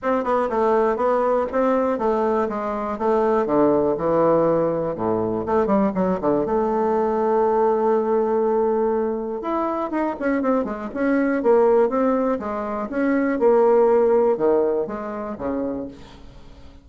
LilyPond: \new Staff \with { instrumentName = "bassoon" } { \time 4/4 \tempo 4 = 121 c'8 b8 a4 b4 c'4 | a4 gis4 a4 d4 | e2 a,4 a8 g8 | fis8 d8 a2.~ |
a2. e'4 | dis'8 cis'8 c'8 gis8 cis'4 ais4 | c'4 gis4 cis'4 ais4~ | ais4 dis4 gis4 cis4 | }